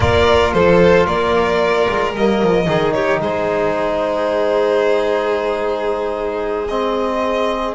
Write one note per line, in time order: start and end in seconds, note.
0.00 0.53 A#3
0.00 2.14 F4
0.00 0.54 A#4
0.00 0.52 D5
0.53 1.07 F3
0.53 1.06 A4
0.53 1.06 C5
1.06 1.87 A#3
1.06 2.67 A#4
1.06 2.13 D5
1.89 2.15 G#3
2.15 2.42 G3
2.15 2.66 A#3
2.15 2.92 D#5
2.42 2.67 F3
2.66 3.19 D#3
2.66 6.68 D#4
2.66 2.94 G#4
2.92 3.22 G4
2.92 3.19 C#5
3.19 7.74 G#3
3.19 7.75 G#4
3.19 6.68 C5
6.68 7.75 C4
6.68 7.75 D#5